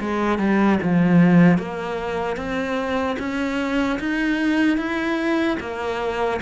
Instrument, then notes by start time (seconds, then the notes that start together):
cello
0.00 G#3
0.39 G3
0.83 F3
1.58 A#3
2.37 C4
3.19 C#4
3.99 D#4
4.77 E4
5.60 A#3